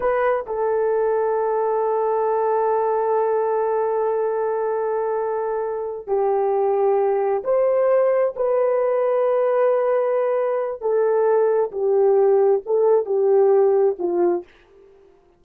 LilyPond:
\new Staff \with { instrumentName = "horn" } { \time 4/4 \tempo 4 = 133 b'4 a'2.~ | a'1~ | a'1~ | a'4. g'2~ g'8~ |
g'8 c''2 b'4.~ | b'1 | a'2 g'2 | a'4 g'2 f'4 | }